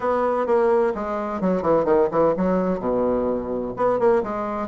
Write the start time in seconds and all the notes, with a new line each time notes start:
0.00 B3
0.46 A#3
0.95 G#3
1.40 F#3
1.62 E3
1.84 D#3
2.11 E3
2.36 F#3
2.79 B2
3.76 B3
3.99 A#3
4.23 G#3